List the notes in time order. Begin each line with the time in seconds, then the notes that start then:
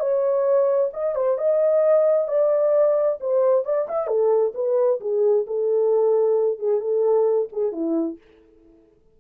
0.00 C#5
0.93 D#5
1.15 C5
1.38 D#5
2.28 D5
3.20 C5
3.65 D5
3.88 E5
4.07 A4
4.55 B4
5.01 G#4
5.47 A4
6.59 G#4
6.81 A4
7.52 G#4
7.72 E4